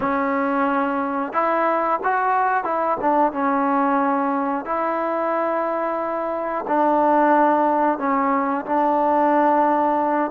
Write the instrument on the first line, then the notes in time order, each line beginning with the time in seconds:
trombone
0.00 C#4
1.32 E4
2.03 F#4
2.64 E4
3.00 D4
3.32 C#4
4.65 E4
6.67 D4
7.98 C#4
8.65 D4